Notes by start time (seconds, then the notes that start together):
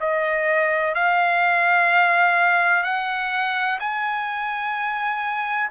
0.00 D#5
0.95 F5
2.84 F#5
3.80 G#5